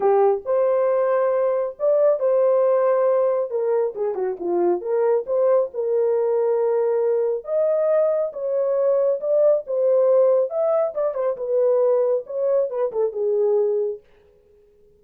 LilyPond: \new Staff \with { instrumentName = "horn" } { \time 4/4 \tempo 4 = 137 g'4 c''2. | d''4 c''2. | ais'4 gis'8 fis'8 f'4 ais'4 | c''4 ais'2.~ |
ais'4 dis''2 cis''4~ | cis''4 d''4 c''2 | e''4 d''8 c''8 b'2 | cis''4 b'8 a'8 gis'2 | }